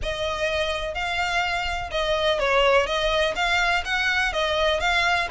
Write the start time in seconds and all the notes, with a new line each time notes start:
0.02 D#5
0.94 F5
1.91 D#5
2.39 C#5
2.86 D#5
3.35 F5
3.84 F#5
4.32 D#5
4.80 F5